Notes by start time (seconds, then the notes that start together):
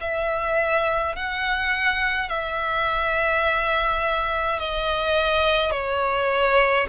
0.00 E5
1.15 F#5
2.29 E5
4.59 D#5
5.71 C#5